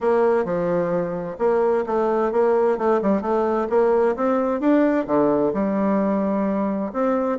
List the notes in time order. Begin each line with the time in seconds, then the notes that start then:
0.00 A#3
0.44 F3
1.38 A#3
1.86 A3
2.32 A#3
2.78 A3
3.02 G3
3.21 A3
3.69 A#3
4.16 C4
4.60 D4
5.06 D3
5.53 G3
6.92 C4